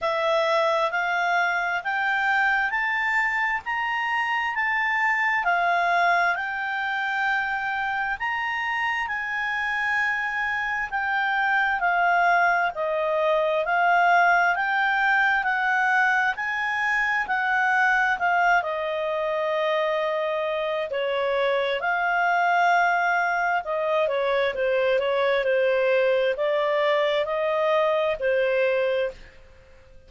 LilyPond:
\new Staff \with { instrumentName = "clarinet" } { \time 4/4 \tempo 4 = 66 e''4 f''4 g''4 a''4 | ais''4 a''4 f''4 g''4~ | g''4 ais''4 gis''2 | g''4 f''4 dis''4 f''4 |
g''4 fis''4 gis''4 fis''4 | f''8 dis''2~ dis''8 cis''4 | f''2 dis''8 cis''8 c''8 cis''8 | c''4 d''4 dis''4 c''4 | }